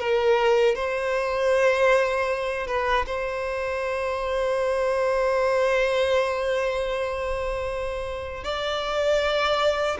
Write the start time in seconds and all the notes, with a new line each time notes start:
0.00 A#4
0.75 C5
2.67 B4
3.07 C5
8.44 D5